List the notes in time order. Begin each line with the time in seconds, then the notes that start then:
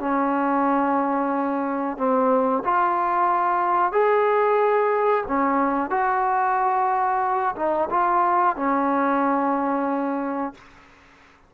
0.00 C#4
1.98 C4
2.65 F4
3.93 G#4
5.28 C#4
5.91 F#4
7.56 D#4
7.91 F4
8.57 C#4